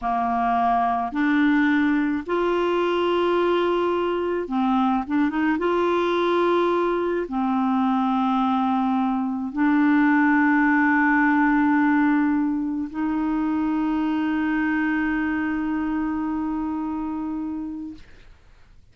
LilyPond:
\new Staff \with { instrumentName = "clarinet" } { \time 4/4 \tempo 4 = 107 ais2 d'2 | f'1 | c'4 d'8 dis'8 f'2~ | f'4 c'2.~ |
c'4 d'2.~ | d'2. dis'4~ | dis'1~ | dis'1 | }